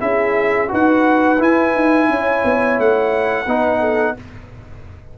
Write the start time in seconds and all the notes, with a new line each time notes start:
0.00 C#4 E4 G#4 E5
0.68 D#4 F#4 B4 F#5
1.39 E4 G#5
1.75 D#4
2.09 C#4 C#5
2.45 B3
2.79 A3 F#5
3.46 B3 D#4 B4
3.81 A4